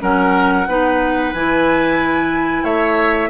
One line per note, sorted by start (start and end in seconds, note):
0.00 0.68 F#3
0.00 0.66 C#4
0.00 0.68 A#4
0.00 1.34 F#5
0.68 1.34 B3
0.68 1.35 D#4
0.68 2.64 B4
1.34 2.64 E3
1.34 3.30 E4
1.34 2.65 G#5
2.64 3.30 A3
2.64 3.30 C#5
2.64 3.30 E5